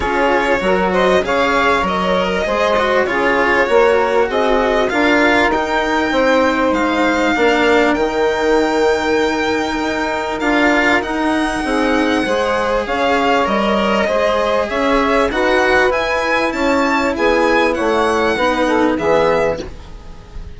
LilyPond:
<<
  \new Staff \with { instrumentName = "violin" } { \time 4/4 \tempo 4 = 98 cis''4. dis''8 f''4 dis''4~ | dis''4 cis''2 dis''4 | f''4 g''2 f''4~ | f''4 g''2.~ |
g''4 f''4 fis''2~ | fis''4 f''4 dis''2 | e''4 fis''4 gis''4 a''4 | gis''4 fis''2 e''4 | }
  \new Staff \with { instrumentName = "saxophone" } { \time 4/4 gis'4 ais'8 c''8 cis''4.~ cis''16 ais'16 | c''4 gis'4 ais'4 gis'4 | ais'2 c''2 | ais'1~ |
ais'2. gis'4 | c''4 cis''2 c''4 | cis''4 b'2 cis''4 | gis'4 cis''4 b'8 a'8 gis'4 | }
  \new Staff \with { instrumentName = "cello" } { \time 4/4 f'4 fis'4 gis'4 ais'4 | gis'8 fis'8 f'4 fis'2 | f'4 dis'2. | d'4 dis'2.~ |
dis'4 f'4 dis'2 | gis'2 ais'4 gis'4~ | gis'4 fis'4 e'2~ | e'2 dis'4 b4 | }
  \new Staff \with { instrumentName = "bassoon" } { \time 4/4 cis'4 fis4 cis4 fis4 | gis4 cis4 ais4 c'4 | d'4 dis'4 c'4 gis4 | ais4 dis2. |
dis'4 d'4 dis'4 c'4 | gis4 cis'4 g4 gis4 | cis'4 dis'4 e'4 cis'4 | b4 a4 b4 e4 | }
>>